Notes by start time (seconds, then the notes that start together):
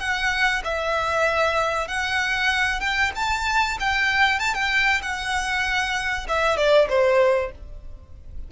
0.00 F#5
0.64 E5
1.88 F#5
2.80 G5
3.16 A5
3.80 G5
4.40 A5
4.55 G5
5.02 F#5
6.29 E5
6.57 D5
6.89 C5